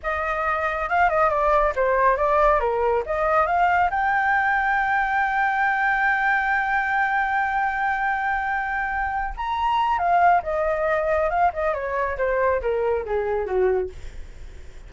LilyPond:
\new Staff \with { instrumentName = "flute" } { \time 4/4 \tempo 4 = 138 dis''2 f''8 dis''8 d''4 | c''4 d''4 ais'4 dis''4 | f''4 g''2.~ | g''1~ |
g''1~ | g''4. ais''4. f''4 | dis''2 f''8 dis''8 cis''4 | c''4 ais'4 gis'4 fis'4 | }